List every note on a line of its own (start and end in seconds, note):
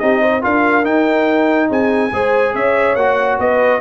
0.00 0.45 C4
0.00 0.42 D#4
0.00 0.22 G4
0.00 0.42 D#5
0.22 0.43 C5
0.42 0.86 D4
0.42 0.84 F4
0.42 1.70 A#4
0.42 0.86 F5
0.84 2.11 D#4
0.84 1.70 D#4
0.84 1.70 G5
1.70 2.12 C4
1.70 2.12 G#4
1.70 2.56 G#5
2.13 2.55 G#3
2.13 2.98 G#4
2.13 2.55 C5
2.55 2.96 C#4
2.55 3.39 C#5
2.55 2.96 E5
2.96 3.39 A#3
2.96 3.81 F#4
2.96 3.38 F#5
3.39 3.81 B3
3.39 3.81 B4
3.39 3.81 D#5